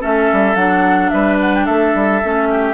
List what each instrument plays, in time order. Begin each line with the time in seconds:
0.00 bassoon A3, clarinet C#4, oboe A4, flute E5
0.33 bassoon G3
0.56 bassoon F#3, clarinet D4, flute F#5
1.10 bassoon G3, oboe B4, flute E5
1.41 flute F#5
1.55 flute G5
1.66 bassoon A3, oboe A4, flute E5
1.95 bassoon G3
2.23 bassoon A3, clarinet C#4
2.50 oboe G4